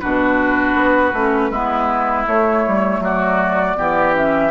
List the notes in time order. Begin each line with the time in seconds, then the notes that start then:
0.00 B2 D4 F#4 B4
0.75 B3
1.13 A3 C#4
1.51 G#3 B3 E4
2.27 A3 C#5
2.68 G3
3.00 F#3 F#4 D5
3.77 E3 B3 G4
4.14 C#4 E5